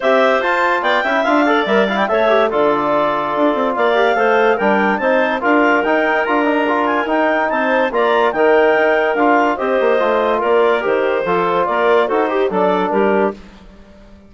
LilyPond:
<<
  \new Staff \with { instrumentName = "clarinet" } { \time 4/4 \tempo 4 = 144 e''4 a''4 g''4 f''4 | e''8 f''16 g''16 e''4 d''2~ | d''4 f''2 g''4 | a''4 f''4 g''4 ais''4~ |
ais''8 gis''8 g''4 a''4 ais''4 | g''2 f''4 dis''4~ | dis''4 d''4 c''2 | d''4 c''4 d''4 ais'4 | }
  \new Staff \with { instrumentName = "clarinet" } { \time 4/4 c''2 d''8 e''4 d''8~ | d''4 cis''4 a'2~ | a'4 d''4 c''4 ais'4 | c''4 ais'2.~ |
ais'2 c''4 d''4 | ais'2. c''4~ | c''4 ais'2 a'4 | ais'4 a'8 g'8 a'4 g'4 | }
  \new Staff \with { instrumentName = "trombone" } { \time 4/4 g'4 f'4. e'8 f'8 a'8 | ais'8 e'8 a'8 g'8 f'2~ | f'4. g'8 a'4 d'4 | dis'4 f'4 dis'4 f'8 dis'8 |
f'4 dis'2 f'4 | dis'2 f'4 g'4 | f'2 g'4 f'4~ | f'4 fis'8 g'8 d'2 | }
  \new Staff \with { instrumentName = "bassoon" } { \time 4/4 c'4 f'4 b8 cis'8 d'4 | g4 a4 d2 | d'8 c'8 ais4 a4 g4 | c'4 d'4 dis'4 d'4~ |
d'4 dis'4 c'4 ais4 | dis4 dis'4 d'4 c'8 ais8 | a4 ais4 dis4 f4 | ais4 dis'4 fis4 g4 | }
>>